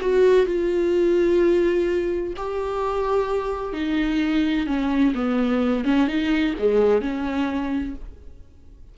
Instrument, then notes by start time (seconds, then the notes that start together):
viola
0.00 F#4
0.46 F4
2.36 G4
3.72 D#4
4.66 C#4
5.14 B3
5.84 C#4
6.07 D#4
6.58 G#3
7.01 C#4